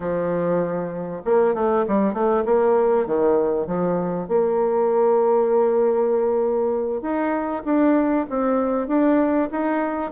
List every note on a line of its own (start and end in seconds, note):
0.00 1.22 F3
1.24 1.54 A#3
1.54 1.85 A3
1.87 2.13 G3
2.13 2.44 A3
2.45 3.06 A#3
3.06 3.67 D#3
3.67 4.27 F3
4.27 7.01 A#3
7.01 7.63 D#4
7.64 8.26 D4
8.29 8.87 C4
8.87 9.49 D4
9.51 10.11 D#4